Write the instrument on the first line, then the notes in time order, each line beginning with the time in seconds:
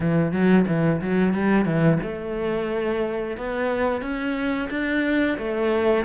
cello
0.00 E3
0.32 F#3
0.67 E3
1.01 F#3
1.33 G3
1.65 E3
2.02 A3
3.37 B3
4.01 C#4
4.70 D4
5.37 A3